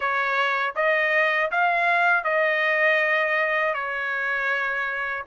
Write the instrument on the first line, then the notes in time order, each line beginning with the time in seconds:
trumpet
0.00 C#5
0.75 D#5
1.51 F5
2.23 D#5
3.73 C#5